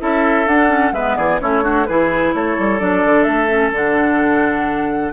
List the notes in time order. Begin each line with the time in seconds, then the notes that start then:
0.00 C#4 E4 A4 E5
0.47 D4 F#5
0.69 C#4
0.93 G#3 B3 B4 E5
1.17 E3 G#4 D5
1.41 A3 C#4 E4 C#5
1.63 D4 F#4
1.86 E3 E4 G#4 B4
2.35 A3 A4 C#5
2.59 G3
2.79 F#3 D4 D5
3.06 D3
3.23 A3 E5
3.49 C#4
3.72 D3 D4 F#5